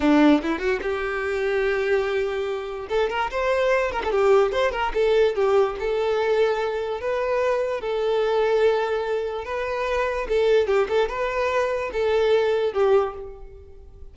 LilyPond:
\new Staff \with { instrumentName = "violin" } { \time 4/4 \tempo 4 = 146 d'4 e'8 fis'8 g'2~ | g'2. a'8 ais'8 | c''4. ais'16 a'16 g'4 c''8 ais'8 | a'4 g'4 a'2~ |
a'4 b'2 a'4~ | a'2. b'4~ | b'4 a'4 g'8 a'8 b'4~ | b'4 a'2 g'4 | }